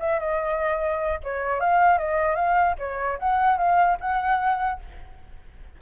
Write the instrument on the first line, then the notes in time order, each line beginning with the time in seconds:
flute
0.00 E5
0.20 D#5
1.24 C#5
1.61 F5
1.99 D#5
2.36 F5
2.79 C#5
3.19 F#5
3.58 F5
4.01 F#5